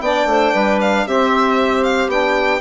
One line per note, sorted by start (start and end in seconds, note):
0.00 0.25 B3
0.00 1.09 D4
0.00 0.28 D5
0.00 0.79 G5
0.25 0.51 A3
0.25 0.53 C5
0.53 1.06 G3
0.53 1.06 B4
0.81 1.07 F5
1.06 2.07 C4
1.06 2.11 C4
1.06 2.60 G4
1.06 1.83 E5
1.83 2.09 F5
2.07 2.59 B3
2.07 2.60 D4
2.07 2.60 G5